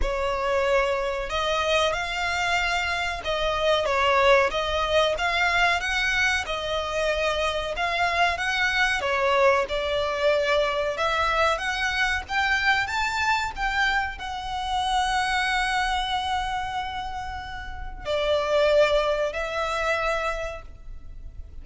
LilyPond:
\new Staff \with { instrumentName = "violin" } { \time 4/4 \tempo 4 = 93 cis''2 dis''4 f''4~ | f''4 dis''4 cis''4 dis''4 | f''4 fis''4 dis''2 | f''4 fis''4 cis''4 d''4~ |
d''4 e''4 fis''4 g''4 | a''4 g''4 fis''2~ | fis''1 | d''2 e''2 | }